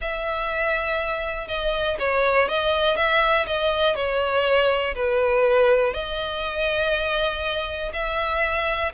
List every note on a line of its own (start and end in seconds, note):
0.01 1.47 E5
1.47 1.97 D#5
1.99 2.48 C#5
2.48 2.96 D#5
2.96 3.46 E5
3.46 3.95 D#5
3.95 4.95 C#5
4.95 5.93 B4
5.93 7.91 D#5
7.93 8.92 E5